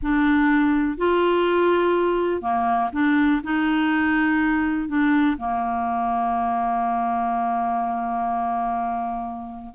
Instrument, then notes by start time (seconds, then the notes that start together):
clarinet
0.02 D4
0.97 F4
2.41 A#3
2.92 D4
3.43 D#4
4.88 D4
5.37 A#3